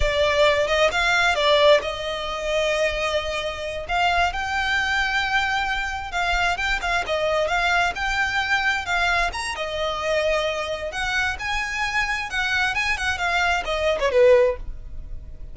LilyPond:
\new Staff \with { instrumentName = "violin" } { \time 4/4 \tempo 4 = 132 d''4. dis''8 f''4 d''4 | dis''1~ | dis''8 f''4 g''2~ g''8~ | g''4. f''4 g''8 f''8 dis''8~ |
dis''8 f''4 g''2 f''8~ | f''8 ais''8 dis''2. | fis''4 gis''2 fis''4 | gis''8 fis''8 f''4 dis''8. cis''16 b'4 | }